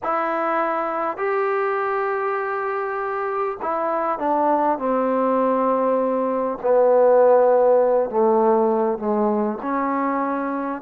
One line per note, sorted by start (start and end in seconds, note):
0.03 1.17 E4
1.17 3.57 G4
3.62 4.18 E4
4.18 4.78 D4
4.78 6.58 C4
6.62 8.10 B3
8.10 8.98 A3
8.98 9.58 G#3
9.62 10.82 C#4